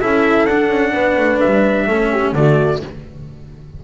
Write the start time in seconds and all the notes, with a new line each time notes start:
0.00 C#4 E4 A4 E5
0.46 D4 F#5
0.69 C#4
0.93 B3 B4
1.17 A3
1.40 G3 E5
1.87 A3 C#4 A4
2.12 G4
2.33 D3 A3 F#4 D5